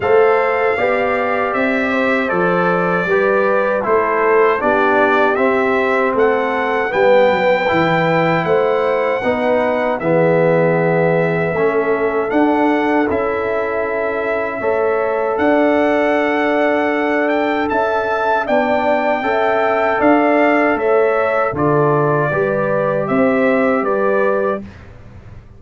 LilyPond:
<<
  \new Staff \with { instrumentName = "trumpet" } { \time 4/4 \tempo 4 = 78 f''2 e''4 d''4~ | d''4 c''4 d''4 e''4 | fis''4 g''2 fis''4~ | fis''4 e''2. |
fis''4 e''2. | fis''2~ fis''8 g''8 a''4 | g''2 f''4 e''4 | d''2 e''4 d''4 | }
  \new Staff \with { instrumentName = "horn" } { \time 4/4 c''4 d''4. c''4. | b'4 a'4 g'2 | a'4 b'2 c''4 | b'4 gis'2 a'4~ |
a'2. cis''4 | d''2. e''4 | d''4 e''4 d''4 cis''4 | a'4 b'4 c''4 b'4 | }
  \new Staff \with { instrumentName = "trombone" } { \time 4/4 a'4 g'2 a'4 | g'4 e'4 d'4 c'4~ | c'4 b4 e'2 | dis'4 b2 cis'4 |
d'4 e'2 a'4~ | a'1 | d'4 a'2. | f'4 g'2. | }
  \new Staff \with { instrumentName = "tuba" } { \time 4/4 a4 b4 c'4 f4 | g4 a4 b4 c'4 | a4 g8 fis8 e4 a4 | b4 e2 a4 |
d'4 cis'2 a4 | d'2. cis'4 | b4 cis'4 d'4 a4 | d4 g4 c'4 g4 | }
>>